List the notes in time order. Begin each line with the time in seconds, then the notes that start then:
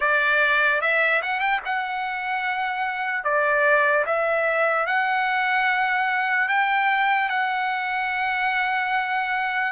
0.00 D5
0.81 E5
1.22 F#5
1.40 G5
1.65 F#5
3.24 D5
4.05 E5
4.86 F#5
6.48 G5
7.29 F#5